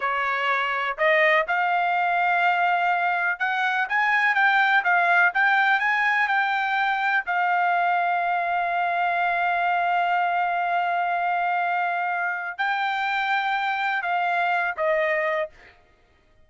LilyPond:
\new Staff \with { instrumentName = "trumpet" } { \time 4/4 \tempo 4 = 124 cis''2 dis''4 f''4~ | f''2. fis''4 | gis''4 g''4 f''4 g''4 | gis''4 g''2 f''4~ |
f''1~ | f''1~ | f''2 g''2~ | g''4 f''4. dis''4. | }